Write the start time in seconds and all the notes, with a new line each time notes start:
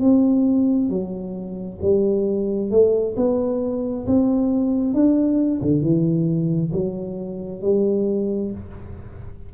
0.00 C4
0.90 F#3
1.82 G3
2.71 A3
3.17 B3
4.07 C4
4.94 D4
5.62 D3
5.82 E3
6.73 F#3
7.62 G3